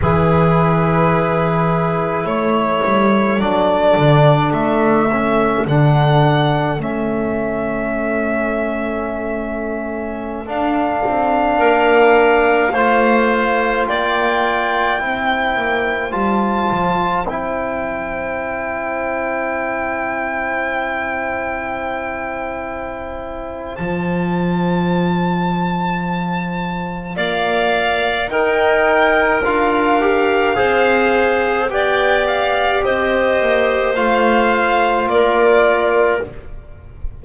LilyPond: <<
  \new Staff \with { instrumentName = "violin" } { \time 4/4 \tempo 4 = 53 b'2 cis''4 d''4 | e''4 fis''4 e''2~ | e''4~ e''16 f''2~ f''8.~ | f''16 g''2 a''4 g''8.~ |
g''1~ | g''4 a''2. | f''4 g''4 f''2 | g''8 f''8 dis''4 f''4 d''4 | }
  \new Staff \with { instrumentName = "clarinet" } { \time 4/4 gis'2 a'2~ | a'1~ | a'2~ a'16 ais'4 c''8.~ | c''16 d''4 c''2~ c''8.~ |
c''1~ | c''1 | d''4 ais'2 c''4 | d''4 c''2 ais'4 | }
  \new Staff \with { instrumentName = "trombone" } { \time 4/4 e'2. d'4~ | d'8 cis'8 d'4 cis'2~ | cis'4~ cis'16 d'2 f'8.~ | f'4~ f'16 e'4 f'4 e'8.~ |
e'1~ | e'4 f'2.~ | f'4 dis'4 f'8 g'8 gis'4 | g'2 f'2 | }
  \new Staff \with { instrumentName = "double bass" } { \time 4/4 e2 a8 g8 fis8 d8 | a4 d4 a2~ | a4~ a16 d'8 c'8 ais4 a8.~ | a16 ais4 c'8 ais8 g8 f8 c'8.~ |
c'1~ | c'4 f2. | ais4 dis'4 d'4 c'4 | b4 c'8 ais8 a4 ais4 | }
>>